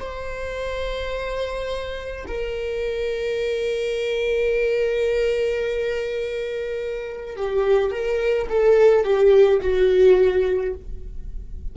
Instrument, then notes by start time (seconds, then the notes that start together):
viola
0.00 C5
2.28 A#4
7.37 G4
7.91 A#4
8.50 A4
9.04 G4
9.61 F#4